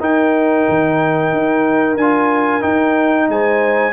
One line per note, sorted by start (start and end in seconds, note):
0.00 0.66 D#4
0.00 1.98 D#4
0.00 3.31 A#4
0.00 1.97 G5
0.69 1.32 D#3
1.32 1.97 D#4
1.97 2.63 D4
1.97 2.61 F4
1.97 2.63 G#5
2.61 3.93 D#4
2.61 3.29 D#4
2.61 3.29 G5
3.29 3.93 G#3
3.29 3.93 C5
3.29 3.93 G#5